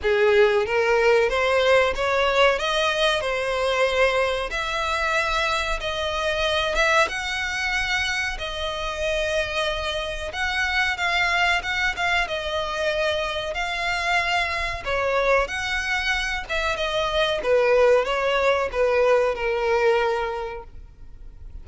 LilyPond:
\new Staff \with { instrumentName = "violin" } { \time 4/4 \tempo 4 = 93 gis'4 ais'4 c''4 cis''4 | dis''4 c''2 e''4~ | e''4 dis''4. e''8 fis''4~ | fis''4 dis''2. |
fis''4 f''4 fis''8 f''8 dis''4~ | dis''4 f''2 cis''4 | fis''4. e''8 dis''4 b'4 | cis''4 b'4 ais'2 | }